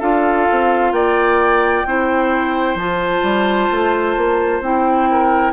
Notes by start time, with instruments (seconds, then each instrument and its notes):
0.00 bassoon D4, clarinet F4, oboe A4, flute F5
0.51 bassoon C4
0.92 bassoon A#3, oboe D5, flute G5
1.85 bassoon C4, clarinet E4, oboe C5
2.75 bassoon F3, clarinet F4, flute A5
3.23 bassoon G3
3.72 bassoon A3
4.17 bassoon A#3
4.61 bassoon C4, clarinet E4, flute G5
5.11 oboe A#4